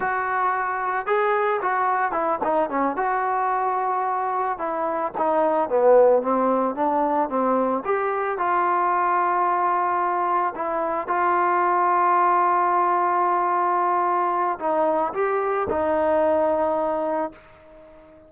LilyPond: \new Staff \with { instrumentName = "trombone" } { \time 4/4 \tempo 4 = 111 fis'2 gis'4 fis'4 | e'8 dis'8 cis'8 fis'2~ fis'8~ | fis'8 e'4 dis'4 b4 c'8~ | c'8 d'4 c'4 g'4 f'8~ |
f'2.~ f'8 e'8~ | e'8 f'2.~ f'8~ | f'2. dis'4 | g'4 dis'2. | }